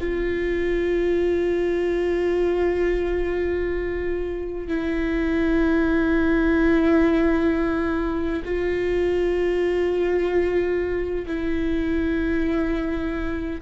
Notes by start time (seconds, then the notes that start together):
0.00 F4
4.67 E4
8.44 F4
11.27 E4